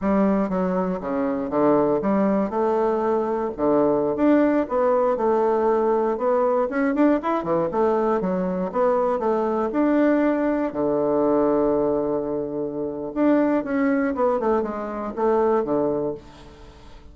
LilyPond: \new Staff \with { instrumentName = "bassoon" } { \time 4/4 \tempo 4 = 119 g4 fis4 cis4 d4 | g4 a2 d4~ | d16 d'4 b4 a4.~ a16~ | a16 b4 cis'8 d'8 e'8 e8 a8.~ |
a16 fis4 b4 a4 d'8.~ | d'4~ d'16 d2~ d8.~ | d2 d'4 cis'4 | b8 a8 gis4 a4 d4 | }